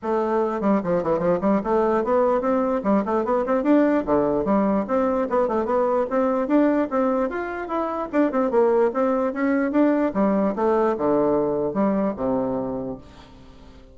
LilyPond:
\new Staff \with { instrumentName = "bassoon" } { \time 4/4 \tempo 4 = 148 a4. g8 f8 e8 f8 g8 | a4 b4 c'4 g8 a8 | b8 c'8 d'4 d4 g4 | c'4 b8 a8 b4 c'4 |
d'4 c'4 f'4 e'4 | d'8 c'8 ais4 c'4 cis'4 | d'4 g4 a4 d4~ | d4 g4 c2 | }